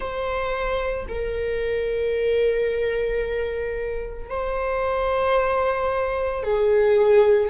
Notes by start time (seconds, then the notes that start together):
0.00 C5
1.08 A#4
4.29 C5
6.43 G#4